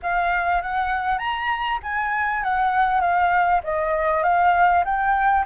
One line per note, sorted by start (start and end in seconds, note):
0.02 0.62 F5
0.62 1.18 F#5
1.18 1.79 A#5
1.82 2.43 G#5
2.43 3.00 F#5
3.00 3.61 F5
3.63 4.23 D#5
4.23 4.83 F5
4.84 5.45 G5